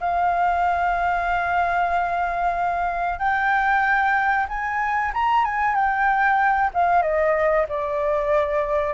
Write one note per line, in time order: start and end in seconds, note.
0.00 3.19 F5
3.19 4.46 G5
4.48 5.12 G#5
5.14 5.44 A#5
5.44 5.75 G#5
5.75 6.71 G5
6.73 7.02 F5
7.02 7.66 D#5
7.69 8.94 D5